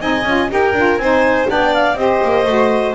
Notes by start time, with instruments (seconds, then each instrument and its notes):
0.00 double bass C4, saxophone D#4, violin D#5, clarinet G#5
0.24 double bass C#4, saxophone F4
0.50 double bass D#4, saxophone G4, violin A#4, clarinet G5
0.73 double bass D4, saxophone F4
0.98 double bass C4, saxophone D#4, violin C5, clarinet G#5
1.47 double bass B3, saxophone D4, violin D5, clarinet G5
1.74 clarinet F5
1.95 double bass C4, saxophone G4, violin C5, clarinet D#5
2.24 double bass A#3
2.46 double bass A3, saxophone F#4